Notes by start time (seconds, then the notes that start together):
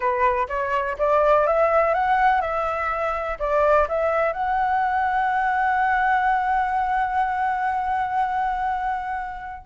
0.00 B4
0.48 C#5
0.98 D5
1.46 E5
1.94 F#5
2.41 E5
3.39 D5
3.88 E5
4.32 F#5